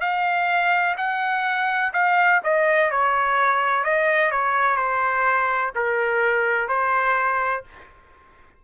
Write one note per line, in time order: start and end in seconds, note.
0.00 0.95 F5
0.97 1.92 F#5
1.93 2.41 F5
2.43 2.90 D#5
2.90 3.84 C#5
3.84 4.31 D#5
4.31 4.76 C#5
4.76 5.71 C5
5.75 6.68 A#4
6.68 7.64 C5